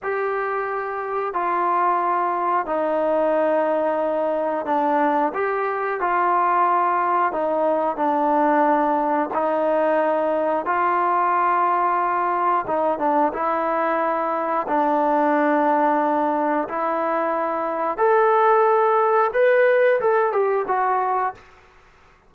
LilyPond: \new Staff \with { instrumentName = "trombone" } { \time 4/4 \tempo 4 = 90 g'2 f'2 | dis'2. d'4 | g'4 f'2 dis'4 | d'2 dis'2 |
f'2. dis'8 d'8 | e'2 d'2~ | d'4 e'2 a'4~ | a'4 b'4 a'8 g'8 fis'4 | }